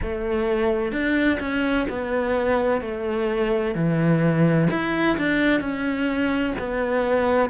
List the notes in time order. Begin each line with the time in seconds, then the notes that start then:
0.02 A3
0.92 D4
1.39 C#4
1.89 B3
2.81 A3
3.75 E3
4.70 E4
5.17 D4
5.60 C#4
6.59 B3